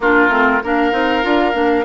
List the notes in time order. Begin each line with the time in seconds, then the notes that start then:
0.00 A#3 D4 F4 A#4
0.28 A3 C4
0.63 A#3 D4 A#4 F5
0.91 C4 D#4
1.22 D4 F4
1.53 A#3 D4